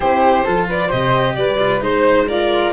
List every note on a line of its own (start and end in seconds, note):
0.00 0.46 C4
0.00 0.44 E4
0.00 0.44 G4
0.00 0.66 C5
0.44 0.92 F3
0.44 0.89 F4
0.44 0.66 A4
0.67 0.87 B4
0.67 0.91 D5
0.87 1.36 C3
0.87 1.57 G4
0.87 1.32 C5
0.87 1.35 D#5
1.35 1.80 G3
1.35 1.82 B4
1.35 1.81 D5
1.59 1.80 F4
1.80 2.71 G#3
1.80 2.26 D#4
1.80 2.28 C5
2.27 2.73 F4
2.27 2.72 A#4
2.27 2.73 D5